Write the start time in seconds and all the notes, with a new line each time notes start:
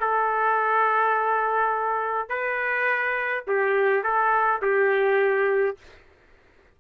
0.00 A4
2.29 B4
3.47 G4
4.03 A4
4.62 G4